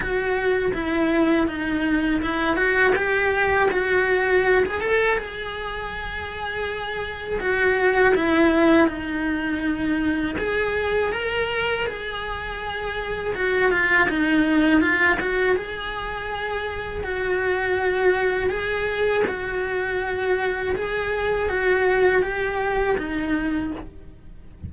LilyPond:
\new Staff \with { instrumentName = "cello" } { \time 4/4 \tempo 4 = 81 fis'4 e'4 dis'4 e'8 fis'8 | g'4 fis'4~ fis'16 gis'16 a'8 gis'4~ | gis'2 fis'4 e'4 | dis'2 gis'4 ais'4 |
gis'2 fis'8 f'8 dis'4 | f'8 fis'8 gis'2 fis'4~ | fis'4 gis'4 fis'2 | gis'4 fis'4 g'4 dis'4 | }